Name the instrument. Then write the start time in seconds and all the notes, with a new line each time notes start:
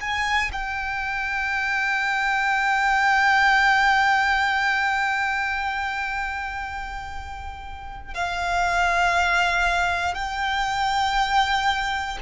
violin
0.00 G#5
0.52 G5
8.14 F5
10.14 G5